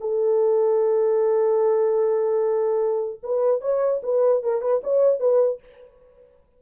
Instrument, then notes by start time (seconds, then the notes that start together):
horn
0.00 A4
3.23 B4
3.61 C#5
4.03 B4
4.43 A#4
4.61 B4
4.83 C#5
5.19 B4